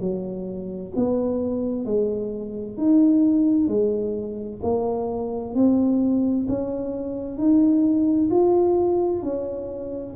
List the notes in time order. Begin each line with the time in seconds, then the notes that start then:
0.00 F#3
0.96 B3
1.85 G#3
2.77 D#4
3.68 G#3
4.62 A#3
5.55 C4
6.48 C#4
7.38 D#4
8.31 F4
9.22 C#4